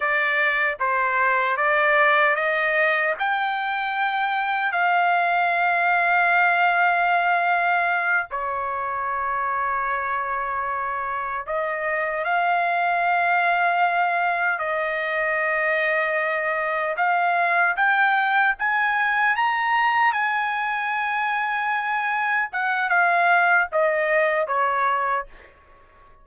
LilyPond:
\new Staff \with { instrumentName = "trumpet" } { \time 4/4 \tempo 4 = 76 d''4 c''4 d''4 dis''4 | g''2 f''2~ | f''2~ f''8 cis''4.~ | cis''2~ cis''8 dis''4 f''8~ |
f''2~ f''8 dis''4.~ | dis''4. f''4 g''4 gis''8~ | gis''8 ais''4 gis''2~ gis''8~ | gis''8 fis''8 f''4 dis''4 cis''4 | }